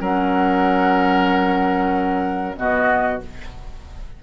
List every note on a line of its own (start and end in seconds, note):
0.00 2.56 F#3
0.00 2.56 C#4
0.00 2.55 A#4
0.00 2.56 F#5
2.56 3.21 B2
2.56 3.20 B3
2.56 3.22 F#4
2.56 3.20 D#5